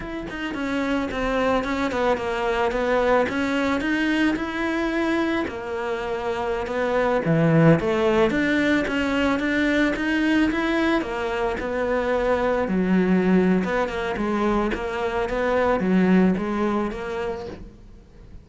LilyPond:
\new Staff \with { instrumentName = "cello" } { \time 4/4 \tempo 4 = 110 e'8 dis'8 cis'4 c'4 cis'8 b8 | ais4 b4 cis'4 dis'4 | e'2 ais2~ | ais16 b4 e4 a4 d'8.~ |
d'16 cis'4 d'4 dis'4 e'8.~ | e'16 ais4 b2 fis8.~ | fis4 b8 ais8 gis4 ais4 | b4 fis4 gis4 ais4 | }